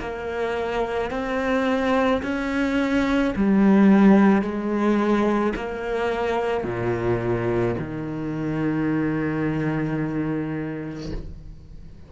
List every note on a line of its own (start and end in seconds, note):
0.00 1.11 A#3
1.11 2.22 C4
2.23 3.34 C#4
3.36 4.42 G3
4.42 5.53 G#3
5.56 6.64 A#3
6.64 7.75 A#2
7.79 11.13 D#3